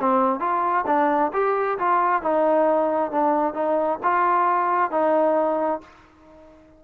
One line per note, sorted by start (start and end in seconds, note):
0.00 0.40 C4
0.40 0.85 F4
0.87 1.32 D4
1.33 1.78 G4
1.79 2.22 F4
2.22 3.11 D#4
3.11 3.54 D4
3.54 3.99 D#4
4.03 4.91 F4
4.91 5.81 D#4